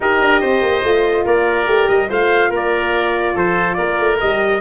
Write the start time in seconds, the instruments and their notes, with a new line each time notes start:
0.00 tuba D#4, horn G4, oboe A#4, trumpet D#5
0.21 tuba D4
0.40 tuba C4, oboe C5
0.61 tuba A#3
0.82 tuba A3, horn F4
1.25 tuba A#3, oboe A#4, trumpet D5
1.65 tuba A3, horn G4
1.88 tuba G3, trumpet D#5
2.09 tuba A3, horn F4, oboe C5, trumpet F5
2.49 tuba A#3, oboe A#4
2.55 trumpet D5
3.34 tuba F3, oboe A4, trumpet C5
3.74 tuba A#3, oboe A#4, trumpet D5
3.99 tuba A3
4.19 tuba G3, horn G4, trumpet D#5